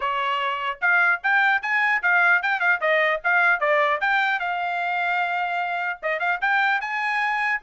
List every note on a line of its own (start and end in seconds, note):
0.00 0.79 C#5
0.81 1.21 F5
1.23 1.61 G5
1.61 2.01 G#5
2.02 2.42 F5
2.42 2.60 G5
2.60 2.80 F5
2.81 3.21 D#5
3.24 3.59 F5
3.59 3.99 D5
4.01 4.39 G5
4.39 5.99 F5
6.02 6.19 D#5
6.19 6.39 F5
6.41 6.80 G5
6.80 7.60 G#5